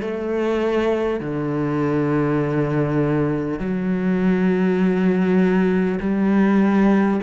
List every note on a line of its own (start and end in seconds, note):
0.00 1.20 A3
1.20 3.59 D3
3.59 5.99 F#3
6.00 7.20 G3